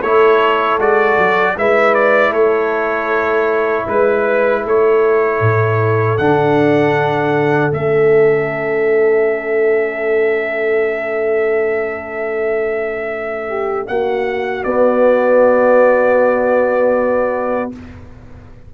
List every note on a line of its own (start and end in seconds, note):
0.00 0.79 A3
0.00 0.80 E4
0.00 1.54 A4
0.00 0.79 C#5
0.79 1.17 G#3
0.79 1.57 F#4
0.79 1.58 D5
1.18 1.56 F#3
1.57 2.31 G#3
1.57 6.19 E4
1.57 2.32 B4
1.57 1.94 E5
1.94 2.33 D5
2.31 3.84 A3
2.31 3.85 A4
2.31 3.87 C#5
3.87 4.65 G#3
3.87 4.63 B4
3.87 4.65 B4
4.65 5.41 A3
4.65 13.48 A4
4.65 6.18 C#5
5.41 6.18 A2
6.18 7.72 D3
6.18 7.72 D4
6.18 7.72 F#5
7.72 13.89 A3
7.72 14.64 C#4
7.72 13.88 E5
13.48 13.87 G4
13.88 14.65 A#3
13.88 17.74 F#4
13.88 14.64 F#5
14.64 17.72 B3
14.64 17.73 B3
14.64 17.71 D5